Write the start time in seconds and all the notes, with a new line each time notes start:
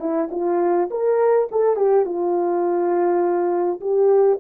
0.00 E4
0.31 F4
0.91 A#4
1.51 A4
1.76 G4
2.05 F4
3.81 G4